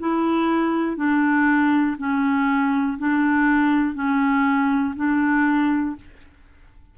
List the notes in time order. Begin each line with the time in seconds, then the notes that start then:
0.00 E4
0.96 D4
1.98 C#4
2.98 D4
3.95 C#4
4.95 D4